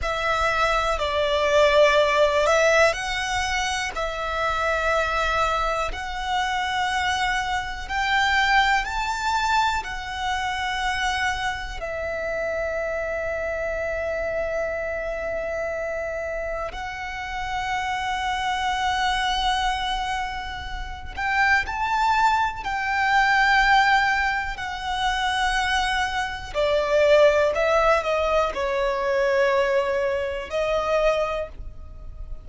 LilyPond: \new Staff \with { instrumentName = "violin" } { \time 4/4 \tempo 4 = 61 e''4 d''4. e''8 fis''4 | e''2 fis''2 | g''4 a''4 fis''2 | e''1~ |
e''4 fis''2.~ | fis''4. g''8 a''4 g''4~ | g''4 fis''2 d''4 | e''8 dis''8 cis''2 dis''4 | }